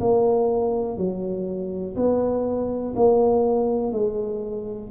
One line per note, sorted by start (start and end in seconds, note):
0.00 0.97 A#3
0.97 1.96 F#3
1.96 2.94 B3
2.96 3.92 A#3
3.92 4.90 G#3